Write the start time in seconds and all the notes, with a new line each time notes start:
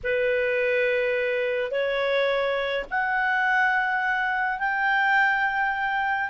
0.03 B4
1.71 C#5
2.90 F#5
4.59 G5